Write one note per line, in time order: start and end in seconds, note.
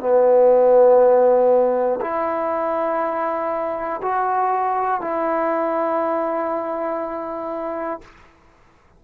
0.00 2.00 B3
2.01 4.01 E4
4.02 5.01 F#4
5.01 8.01 E4